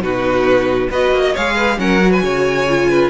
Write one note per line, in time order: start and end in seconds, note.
0.00 0.88 B2
0.00 0.90 D#4
0.00 0.90 F#4
0.00 0.90 B4
0.90 1.11 B3
0.90 1.36 F#4
0.90 1.21 B4
0.90 1.36 D#5
1.11 1.33 A#3
1.21 1.32 D#5
1.33 1.78 G#3
1.33 1.78 G#4
1.33 1.55 C#5
1.33 1.79 F5
1.55 1.77 B4
1.78 2.22 F#3
1.78 2.00 C#4
1.78 2.11 A#4
1.78 2.12 F#5
2.01 2.67 F#4
2.11 2.22 B4
2.11 3.10 G#5
2.22 3.10 C#3
2.22 2.89 C#5
2.68 3.10 F4
2.89 3.10 B4